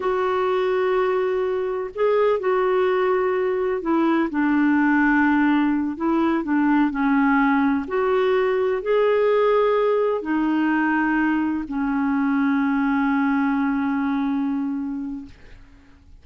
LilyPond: \new Staff \with { instrumentName = "clarinet" } { \time 4/4 \tempo 4 = 126 fis'1 | gis'4 fis'2. | e'4 d'2.~ | d'8 e'4 d'4 cis'4.~ |
cis'8 fis'2 gis'4.~ | gis'4. dis'2~ dis'8~ | dis'8 cis'2.~ cis'8~ | cis'1 | }